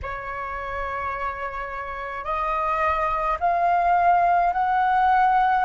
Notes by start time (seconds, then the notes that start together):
0.02 C#5
2.24 D#5
3.40 F5
4.52 F#5